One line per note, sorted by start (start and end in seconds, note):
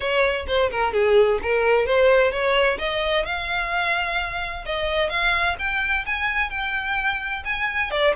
0.00 0.46 C#5
0.47 0.70 C5
0.71 0.93 A#4
0.93 1.39 G#4
1.42 1.86 A#4
1.86 2.31 C5
2.31 2.78 C#5
2.78 3.25 D#5
3.25 4.64 F5
4.65 5.09 D#5
5.09 5.56 F5
5.58 6.05 G5
6.05 6.50 G#5
6.50 7.43 G5
7.44 7.90 G#5
7.90 8.14 D5